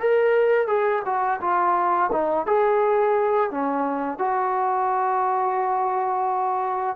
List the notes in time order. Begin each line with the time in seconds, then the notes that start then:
0.00 A#4
0.68 G#4
1.06 F#4
1.41 F4
2.12 D#4
2.47 G#4
3.51 C#4
4.19 F#4